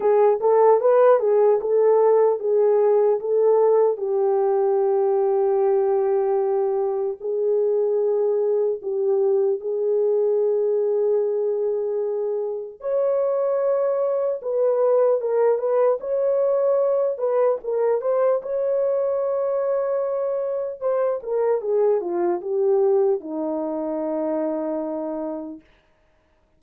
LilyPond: \new Staff \with { instrumentName = "horn" } { \time 4/4 \tempo 4 = 75 gis'8 a'8 b'8 gis'8 a'4 gis'4 | a'4 g'2.~ | g'4 gis'2 g'4 | gis'1 |
cis''2 b'4 ais'8 b'8 | cis''4. b'8 ais'8 c''8 cis''4~ | cis''2 c''8 ais'8 gis'8 f'8 | g'4 dis'2. | }